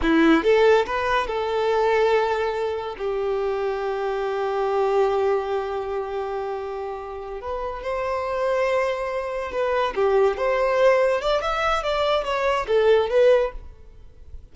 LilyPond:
\new Staff \with { instrumentName = "violin" } { \time 4/4 \tempo 4 = 142 e'4 a'4 b'4 a'4~ | a'2. g'4~ | g'1~ | g'1~ |
g'4. b'4 c''4.~ | c''2~ c''8 b'4 g'8~ | g'8 c''2 d''8 e''4 | d''4 cis''4 a'4 b'4 | }